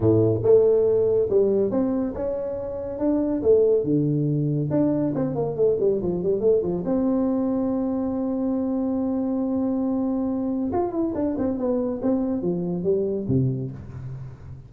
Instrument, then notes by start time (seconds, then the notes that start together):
tuba
0.00 A2
0.43 A3
1.29 G3
1.70 C4
2.14 C#4
2.99 D4
3.42 A3
3.83 D3
4.70 D4
5.14 C4
5.35 A#3
5.56 A3
5.80 G3
6.02 F3
6.23 G3
6.40 A3
6.62 F3
6.85 C4
10.72 F4
10.91 E4
11.14 D4
11.38 C4
11.58 B3
12.02 C4
12.42 F3
12.83 G3
13.28 C3